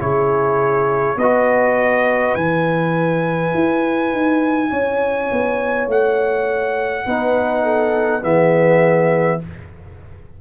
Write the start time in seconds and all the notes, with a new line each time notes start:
0.00 C#3 E4 G#4 C#5
1.16 B3 F#4 B4 D#5
2.35 E3 E4 G#5
3.54 E4
4.12 D#4
4.71 C#4 C#5
5.32 B3
5.87 A3 F#5
7.06 B3 D#4 B4
7.63 A4
8.22 E3 B3 G#4 E5